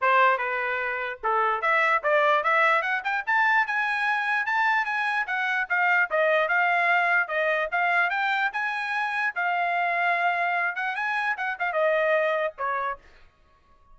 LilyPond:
\new Staff \with { instrumentName = "trumpet" } { \time 4/4 \tempo 4 = 148 c''4 b'2 a'4 | e''4 d''4 e''4 fis''8 g''8 | a''4 gis''2 a''4 | gis''4 fis''4 f''4 dis''4 |
f''2 dis''4 f''4 | g''4 gis''2 f''4~ | f''2~ f''8 fis''8 gis''4 | fis''8 f''8 dis''2 cis''4 | }